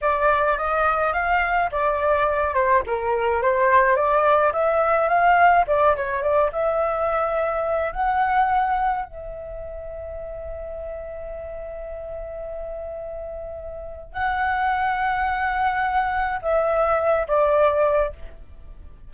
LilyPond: \new Staff \with { instrumentName = "flute" } { \time 4/4 \tempo 4 = 106 d''4 dis''4 f''4 d''4~ | d''8 c''8 ais'4 c''4 d''4 | e''4 f''4 d''8 cis''8 d''8 e''8~ | e''2 fis''2 |
e''1~ | e''1~ | e''4 fis''2.~ | fis''4 e''4. d''4. | }